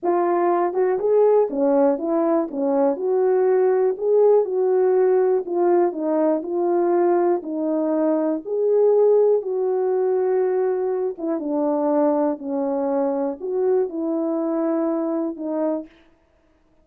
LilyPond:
\new Staff \with { instrumentName = "horn" } { \time 4/4 \tempo 4 = 121 f'4. fis'8 gis'4 cis'4 | e'4 cis'4 fis'2 | gis'4 fis'2 f'4 | dis'4 f'2 dis'4~ |
dis'4 gis'2 fis'4~ | fis'2~ fis'8 e'8 d'4~ | d'4 cis'2 fis'4 | e'2. dis'4 | }